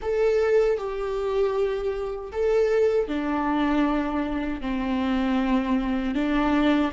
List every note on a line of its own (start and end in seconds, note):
0.02 0.77 A4
0.77 2.31 G4
2.31 3.07 A4
3.07 4.61 D4
4.61 6.14 C4
6.14 6.91 D4